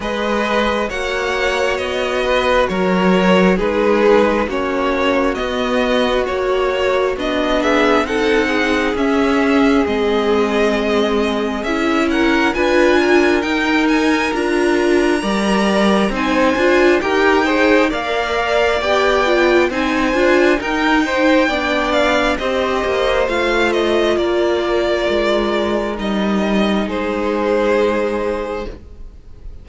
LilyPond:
<<
  \new Staff \with { instrumentName = "violin" } { \time 4/4 \tempo 4 = 67 dis''4 fis''4 dis''4 cis''4 | b'4 cis''4 dis''4 cis''4 | dis''8 e''8 fis''4 e''4 dis''4~ | dis''4 e''8 fis''8 gis''4 g''8 gis''8 |
ais''2 gis''4 g''4 | f''4 g''4 gis''4 g''4~ | g''8 f''8 dis''4 f''8 dis''8 d''4~ | d''4 dis''4 c''2 | }
  \new Staff \with { instrumentName = "violin" } { \time 4/4 b'4 cis''4. b'8 ais'4 | gis'4 fis'2.~ | fis'8 gis'8 a'8 gis'2~ gis'8~ | gis'4. ais'8 b'8 ais'4.~ |
ais'4 d''4 c''4 ais'8 c''8 | d''2 c''4 ais'8 c''8 | d''4 c''2 ais'4~ | ais'2 gis'2 | }
  \new Staff \with { instrumentName = "viola" } { \time 4/4 gis'4 fis'2. | dis'4 cis'4 b4 fis'4 | d'4 dis'4 cis'4 c'4~ | c'4 e'4 f'4 dis'4 |
f'4 ais'4 dis'8 f'8 g'8 gis'8 | ais'4 g'8 f'8 dis'8 f'8 dis'4 | d'4 g'4 f'2~ | f'4 dis'2. | }
  \new Staff \with { instrumentName = "cello" } { \time 4/4 gis4 ais4 b4 fis4 | gis4 ais4 b4 ais4 | b4 c'4 cis'4 gis4~ | gis4 cis'4 d'4 dis'4 |
d'4 g4 c'8 d'8 dis'4 | ais4 b4 c'8 d'8 dis'4 | b4 c'8 ais8 a4 ais4 | gis4 g4 gis2 | }
>>